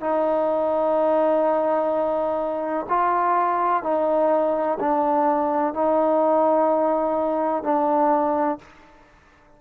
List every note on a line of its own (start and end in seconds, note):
0.00 2.86 D#4
2.89 3.83 F4
3.83 4.78 D#4
4.80 5.74 D4
5.74 7.63 D#4
7.63 8.58 D4